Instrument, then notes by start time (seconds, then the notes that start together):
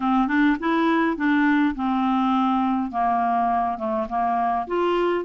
clarinet
0.00 C4
0.27 D4
0.59 E4
1.16 D4
1.75 C4
2.91 A#3
3.78 A3
4.08 A#3
4.67 F4